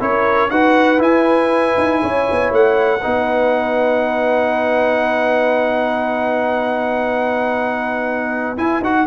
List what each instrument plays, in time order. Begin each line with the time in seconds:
0.00 tuba C#4, trombone E4, horn A#4, trumpet C#5
0.50 tuba D#4, trombone F#4, horn B4, trumpet F#5
0.98 trombone E4, tuba E4, trumpet G#5
1.78 tuba D#4
2.02 tuba C#4, horn C#5
2.31 tuba B3
2.51 tuba A3, trumpet F#5
3.01 tuba B3, trombone D#4, horn B4
8.58 tuba E4, trombone E4, trumpet G#5
8.81 tuba D#4, trombone F#4, trumpet F#5